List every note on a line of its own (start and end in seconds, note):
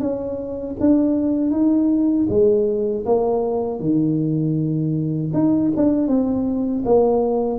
0.00 0.76 C#4
0.80 1.51 D4
1.51 2.27 D#4
2.29 3.05 G#3
3.06 3.79 A#3
3.79 5.31 D#3
5.33 5.71 D#4
5.76 6.08 D4
6.08 6.84 C4
6.85 7.59 A#3